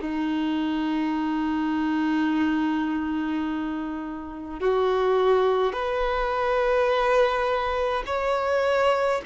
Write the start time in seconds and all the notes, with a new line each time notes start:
0.00 D#4
4.60 F#4
5.73 B4
8.07 C#5